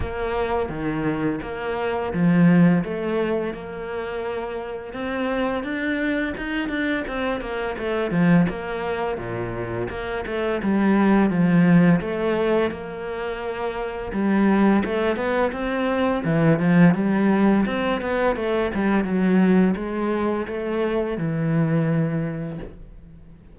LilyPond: \new Staff \with { instrumentName = "cello" } { \time 4/4 \tempo 4 = 85 ais4 dis4 ais4 f4 | a4 ais2 c'4 | d'4 dis'8 d'8 c'8 ais8 a8 f8 | ais4 ais,4 ais8 a8 g4 |
f4 a4 ais2 | g4 a8 b8 c'4 e8 f8 | g4 c'8 b8 a8 g8 fis4 | gis4 a4 e2 | }